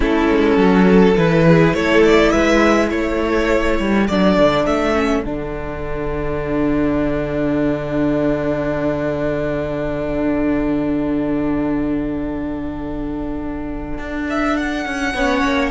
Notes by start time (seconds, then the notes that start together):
0.00 A3 C#4 E4 A4
0.30 G#3
0.56 F#3 F#4
0.87 A4
1.17 E3 E4 B4
1.47 G#4
1.73 A3 A4 C#5
2.04 D5
2.30 G#3 B4 E5
2.89 A3 A4 C#5
3.79 G3
4.07 F#3 D4 D5
4.38 D3
4.65 A3 E5
4.95 C#4
5.23 D3 D4 F#5
13.98 D4
14.29 E5
14.57 F#5
14.85 C#4
15.13 B3 C#4 C#5
15.43 A#3